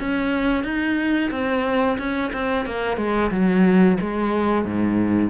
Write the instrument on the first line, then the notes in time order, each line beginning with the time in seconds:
cello
0.00 C#4
0.64 D#4
1.32 C4
1.99 C#4
2.34 C4
2.66 A#3
2.98 G#3
3.32 F#3
4.01 G#3
4.65 G#2